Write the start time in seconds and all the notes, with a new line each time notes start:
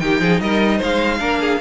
0.00 D#3 D#4 G4 G5
0.20 F3 G#4
0.40 G3 A#4 D#5
0.78 G#3 C5 F5
1.19 A#3 D4 A#4
1.41 G#4